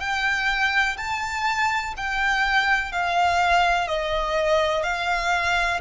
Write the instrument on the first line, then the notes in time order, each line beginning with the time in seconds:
violin
0.00 G5
0.97 A5
1.97 G5
2.92 F5
3.88 D#5
4.83 F5